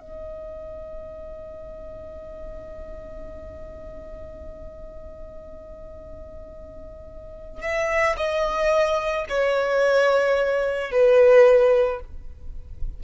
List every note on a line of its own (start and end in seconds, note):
0.00 7.62 D#5
7.62 8.16 E5
8.17 9.26 D#5
9.29 10.91 C#5
10.91 12.00 B4